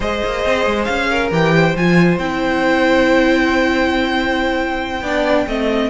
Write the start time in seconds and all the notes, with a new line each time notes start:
0.00 G#3 G#4 C5 D#5
0.25 A#3
0.45 C4
0.66 G#3
0.84 C#4 F5
1.10 A#4
1.30 E3 G4 G5
1.55 C5
1.76 F3 F4 G#5
2.18 C4 E4 G5
5.01 B3 D4 D5
5.46 A3 C4 D#5